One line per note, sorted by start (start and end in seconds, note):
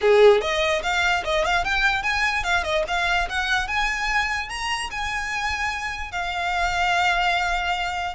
0.01 0.41 G#4
0.41 0.82 D#5
0.82 1.23 F5
1.24 1.44 D#5
1.44 1.64 F5
1.64 2.02 G5
2.02 2.43 G#5
2.43 2.63 F5
2.63 2.83 D#5
2.87 3.28 F5
3.29 3.67 F#5
3.67 4.49 G#5
4.49 4.90 A#5
4.90 6.11 G#5
6.11 8.15 F5